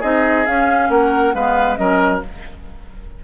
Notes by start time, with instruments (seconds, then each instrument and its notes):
0.00 bassoon C4, clarinet D#4, oboe G#4, flute D#5
0.46 clarinet C#4, bassoon C#4, flute F5
0.89 bassoon A#3, oboe A#4, flute F#5
1.34 bassoon G#3, clarinet B3, oboe B4, flute F5
1.76 bassoon F#3, clarinet C#4, oboe A#4, flute D#5